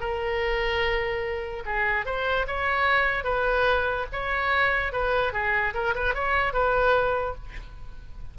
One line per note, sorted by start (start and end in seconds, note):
0.00 1.63 A#4
1.66 2.06 G#4
2.06 2.46 C5
2.47 3.24 C#5
3.24 4.06 B4
4.12 4.92 C#5
4.92 5.33 B4
5.33 5.74 G#4
5.74 5.95 A#4
5.95 6.14 B4
6.14 6.53 C#5
6.53 7.35 B4